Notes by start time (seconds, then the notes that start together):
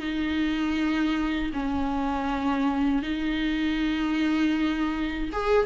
0.00 D#4
1.54 C#4
3.02 D#4
5.33 G#4